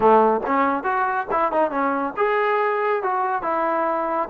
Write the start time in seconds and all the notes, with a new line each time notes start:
0.00 A3
0.46 C#4
0.83 F#4
1.31 E4
1.52 D#4
1.70 C#4
2.16 G#4
3.03 F#4
3.42 E4